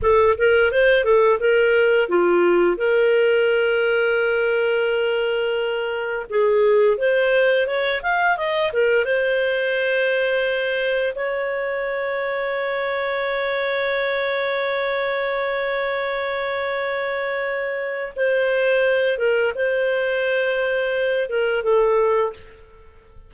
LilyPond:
\new Staff \with { instrumentName = "clarinet" } { \time 4/4 \tempo 4 = 86 a'8 ais'8 c''8 a'8 ais'4 f'4 | ais'1~ | ais'4 gis'4 c''4 cis''8 f''8 | dis''8 ais'8 c''2. |
cis''1~ | cis''1~ | cis''2 c''4. ais'8 | c''2~ c''8 ais'8 a'4 | }